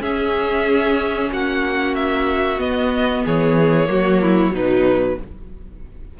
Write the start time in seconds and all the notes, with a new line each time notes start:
0.00 C#4 G#4 E5
1.32 A#3 F#4 F#5
1.95 E5
2.58 B3 D#5
3.24 E3 G#4 C#5
3.85 F#3 A#3 F#4
4.22 E4
4.51 B2 F#3 D#4 B4